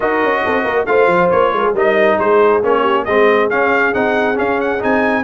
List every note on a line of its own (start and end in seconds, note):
0.00 0.22 D#4
0.00 0.87 F#4
0.00 0.43 A#4
0.00 0.86 D#5
0.22 0.44 C#4
0.44 0.64 C4
0.44 0.64 A4
0.64 0.86 A#3
0.64 0.86 A#4
0.86 1.07 A3
0.86 1.74 F4
0.86 1.55 C5
0.86 1.29 F5
1.07 1.29 F3
1.30 1.52 A#3
1.30 1.74 C#5
1.52 1.73 G#3
1.52 1.64 A#4
1.64 1.74 G#4
1.73 2.17 G3
1.73 2.63 D#4
1.73 2.18 A#4
1.73 2.19 D#5
2.19 2.62 G#3
2.19 2.81 G#4
2.19 2.63 C5
2.62 3.06 A#3
2.62 3.06 C#4
2.62 3.04 C#5
2.81 3.03 G4
3.04 3.49 G#3
3.04 3.50 C4
3.04 5.23 G#4
3.04 3.48 D#5
3.49 3.93 C#4
3.49 3.93 F5
3.93 4.37 C4
3.93 4.34 D#4
3.93 4.37 F#5
4.34 4.78 C#4
4.34 4.82 C#4
4.34 4.60 F5
4.60 4.82 F#5
4.79 5.23 C4
4.79 5.23 D#4
4.79 5.23 G#5